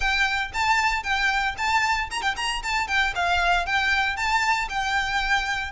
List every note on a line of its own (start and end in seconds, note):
0.00 0.51 G5
0.53 1.03 A5
1.03 1.55 G5
1.57 2.10 A5
2.10 2.22 A#5
2.22 2.35 G5
2.36 2.62 A#5
2.62 2.87 A5
2.87 3.13 G5
3.15 3.66 F5
3.66 4.16 G5
4.16 4.68 A5
4.69 5.71 G5